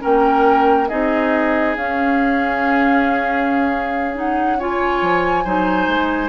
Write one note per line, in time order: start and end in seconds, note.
0.00 0.91 A#3
0.00 0.87 C#4
0.00 0.88 A#4
0.00 0.88 G5
0.88 1.76 C4
0.88 1.76 D#4
0.88 4.58 G#4
0.88 1.75 D#5
1.76 5.01 C#4
1.76 4.14 C#4
1.76 4.16 F5
4.14 4.58 D#4
4.14 4.60 F#5
4.59 5.45 F4
4.59 5.44 C#5
4.59 6.28 G#5
5.01 5.45 F3
5.44 5.87 F#3
5.44 6.28 D#4
5.44 6.28 C5
5.87 6.28 G#3